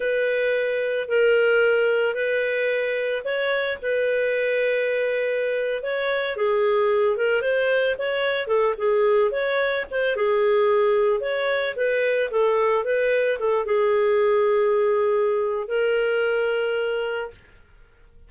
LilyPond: \new Staff \with { instrumentName = "clarinet" } { \time 4/4 \tempo 4 = 111 b'2 ais'2 | b'2 cis''4 b'4~ | b'2~ b'8. cis''4 gis'16~ | gis'4~ gis'16 ais'8 c''4 cis''4 a'16~ |
a'16 gis'4 cis''4 c''8 gis'4~ gis'16~ | gis'8. cis''4 b'4 a'4 b'16~ | b'8. a'8 gis'2~ gis'8.~ | gis'4 ais'2. | }